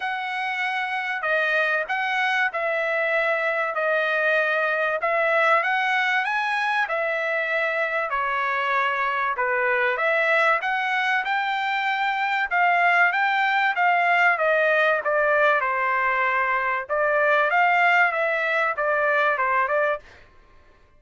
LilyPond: \new Staff \with { instrumentName = "trumpet" } { \time 4/4 \tempo 4 = 96 fis''2 dis''4 fis''4 | e''2 dis''2 | e''4 fis''4 gis''4 e''4~ | e''4 cis''2 b'4 |
e''4 fis''4 g''2 | f''4 g''4 f''4 dis''4 | d''4 c''2 d''4 | f''4 e''4 d''4 c''8 d''8 | }